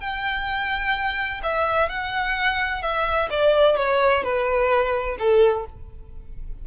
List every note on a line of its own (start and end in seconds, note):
0.00 1.41 G5
1.43 1.89 E5
1.89 2.82 F#5
2.82 3.29 E5
3.30 3.76 D5
3.76 4.23 C#5
4.23 5.17 B4
5.18 5.65 A4